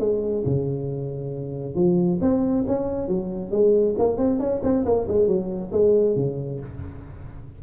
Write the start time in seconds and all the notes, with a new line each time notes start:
0.00 G#3
0.46 C#3
1.76 F3
2.21 C4
2.67 C#4
3.08 F#3
3.52 G#3
3.99 A#3
4.18 C4
4.40 C#4
4.63 C4
4.85 A#3
5.08 G#3
5.28 F#3
5.73 G#3
6.16 C#3